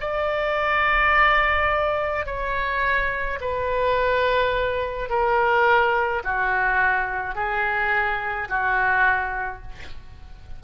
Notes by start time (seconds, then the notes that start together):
0.00 D5
2.26 C#5
3.41 B4
5.09 A#4
6.24 F#4
7.35 G#4
8.49 F#4